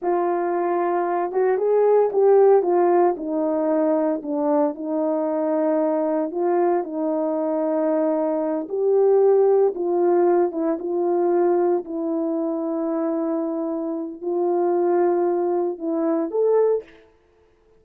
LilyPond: \new Staff \with { instrumentName = "horn" } { \time 4/4 \tempo 4 = 114 f'2~ f'8 fis'8 gis'4 | g'4 f'4 dis'2 | d'4 dis'2. | f'4 dis'2.~ |
dis'8 g'2 f'4. | e'8 f'2 e'4.~ | e'2. f'4~ | f'2 e'4 a'4 | }